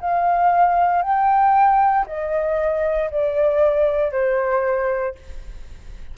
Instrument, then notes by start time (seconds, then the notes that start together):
flute
0.00 F5
1.03 G5
2.07 D#5
3.11 D5
4.12 C5